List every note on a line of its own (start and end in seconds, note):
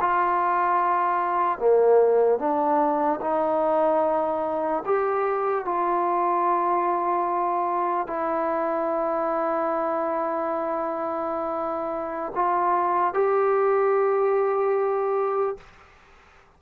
0.00 1.58 F4
1.58 2.38 A#3
2.38 3.20 D4
3.21 4.83 D#4
4.85 5.65 G4
5.65 8.07 F4
8.07 12.32 E4
12.35 13.14 F4
13.14 15.57 G4